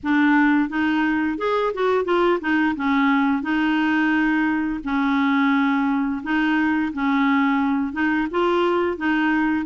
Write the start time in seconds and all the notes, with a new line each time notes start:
0.03 D4
0.69 D#4
1.38 G#4
1.74 F#4
2.05 F4
2.40 D#4
2.76 C#4
3.42 D#4
4.83 C#4
6.23 D#4
6.93 C#4
7.92 D#4
8.30 F4
8.97 D#4